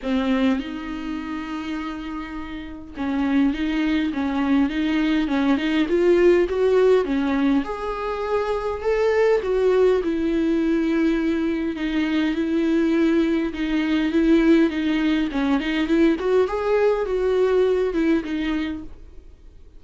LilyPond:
\new Staff \with { instrumentName = "viola" } { \time 4/4 \tempo 4 = 102 c'4 dis'2.~ | dis'4 cis'4 dis'4 cis'4 | dis'4 cis'8 dis'8 f'4 fis'4 | cis'4 gis'2 a'4 |
fis'4 e'2. | dis'4 e'2 dis'4 | e'4 dis'4 cis'8 dis'8 e'8 fis'8 | gis'4 fis'4. e'8 dis'4 | }